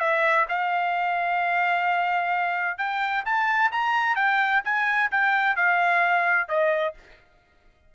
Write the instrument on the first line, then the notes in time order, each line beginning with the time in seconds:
trumpet
0.00 E5
0.49 F5
2.78 G5
3.25 A5
3.72 A#5
4.16 G5
4.64 G#5
5.11 G5
5.56 F5
6.49 D#5